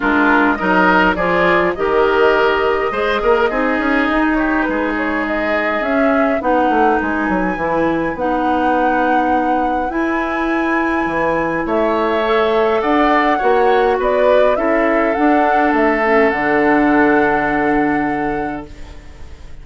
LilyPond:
<<
  \new Staff \with { instrumentName = "flute" } { \time 4/4 \tempo 4 = 103 ais'4 dis''4 d''4 dis''4~ | dis''2.~ dis''8 cis''8 | b'8 cis''8 dis''4 e''4 fis''4 | gis''2 fis''2~ |
fis''4 gis''2. | e''2 fis''2 | d''4 e''4 fis''4 e''4 | fis''1 | }
  \new Staff \with { instrumentName = "oboe" } { \time 4/4 f'4 ais'4 gis'4 ais'4~ | ais'4 c''8 ais'8 gis'4. g'8 | gis'2. b'4~ | b'1~ |
b'1 | cis''2 d''4 cis''4 | b'4 a'2.~ | a'1 | }
  \new Staff \with { instrumentName = "clarinet" } { \time 4/4 d'4 dis'4 f'4 g'4~ | g'4 gis'4 dis'2~ | dis'2 cis'4 dis'4~ | dis'4 e'4 dis'2~ |
dis'4 e'2.~ | e'4 a'2 fis'4~ | fis'4 e'4 d'4. cis'8 | d'1 | }
  \new Staff \with { instrumentName = "bassoon" } { \time 4/4 gis4 fis4 f4 dis4~ | dis4 gis8 ais8 c'8 cis'8 dis'4 | gis2 cis'4 b8 a8 | gis8 fis8 e4 b2~ |
b4 e'2 e4 | a2 d'4 ais4 | b4 cis'4 d'4 a4 | d1 | }
>>